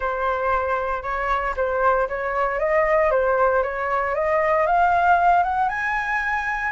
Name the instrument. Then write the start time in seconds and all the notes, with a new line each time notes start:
flute
0.00 C5
1.02 C#5
1.56 C5
2.08 C#5
2.59 D#5
3.11 C5
3.63 C#5
4.14 D#5
4.66 F5
5.43 F#5
5.68 G#5